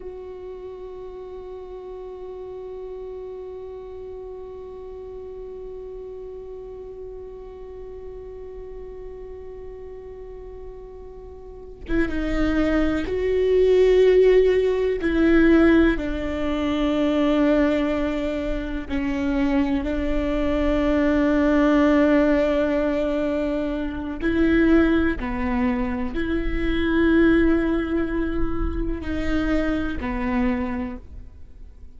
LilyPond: \new Staff \with { instrumentName = "viola" } { \time 4/4 \tempo 4 = 62 fis'1~ | fis'1~ | fis'1~ | fis'16 e'16 dis'4 fis'2 e'8~ |
e'8 d'2. cis'8~ | cis'8 d'2.~ d'8~ | d'4 e'4 b4 e'4~ | e'2 dis'4 b4 | }